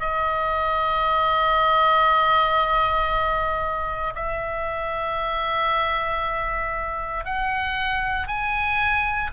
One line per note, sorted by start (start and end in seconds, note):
0.00 4.14 D#5
4.16 7.26 E5
7.26 8.28 F#5
8.28 9.31 G#5